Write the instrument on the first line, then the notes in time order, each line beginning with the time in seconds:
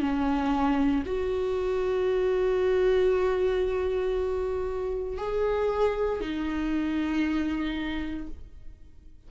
viola
0.00 C#4
1.06 F#4
5.18 G#4
6.21 D#4